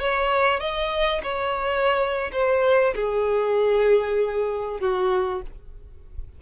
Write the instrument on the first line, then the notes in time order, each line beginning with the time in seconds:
violin
0.00 C#5
0.60 D#5
1.23 C#5
2.33 C5
2.95 G#4
4.80 F#4